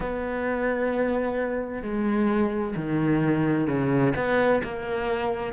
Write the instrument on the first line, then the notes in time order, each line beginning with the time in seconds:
cello
0.00 B3
1.82 G#3
2.76 D#3
3.67 C#3
4.15 B3
4.63 A#3